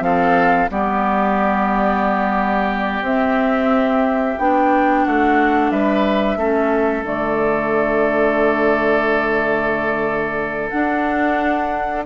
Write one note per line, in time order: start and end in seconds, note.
0.00 0.67 F3
0.00 0.68 C4
0.00 0.70 A4
0.00 0.69 F5
0.70 3.01 G3
0.70 3.04 B3
0.70 5.04 G4
0.70 3.04 D5
3.01 4.35 C4
3.01 4.38 C4
3.01 4.38 E5
4.38 5.05 B3
4.38 6.38 D4
4.38 5.05 G5
5.04 5.71 A3
5.04 5.71 F#4
5.04 5.70 F#5
5.70 6.36 G3
5.70 6.38 B4
5.70 7.04 E5
6.36 7.02 A3
6.36 7.03 C#4
6.36 12.05 A4
7.02 10.69 D3
7.02 10.70 A3
7.02 10.69 D5
10.69 12.04 D4
10.69 12.06 D4
10.69 12.02 F#5